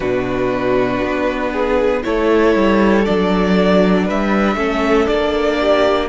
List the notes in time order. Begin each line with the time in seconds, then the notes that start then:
0.00 B2 D4 F#4 B4
1.02 B3
1.51 G#4
2.03 A3 E4 A4 C#5
2.55 G3
3.05 F#3 D4 D5
4.05 G3 B4 E5
4.55 A3 C#4 A4
5.07 A#3 D4 D5
5.60 G4